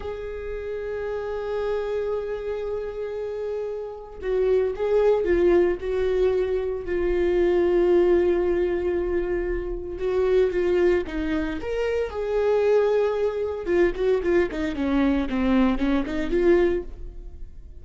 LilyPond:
\new Staff \with { instrumentName = "viola" } { \time 4/4 \tempo 4 = 114 gis'1~ | gis'1 | fis'4 gis'4 f'4 fis'4~ | fis'4 f'2.~ |
f'2. fis'4 | f'4 dis'4 ais'4 gis'4~ | gis'2 f'8 fis'8 f'8 dis'8 | cis'4 c'4 cis'8 dis'8 f'4 | }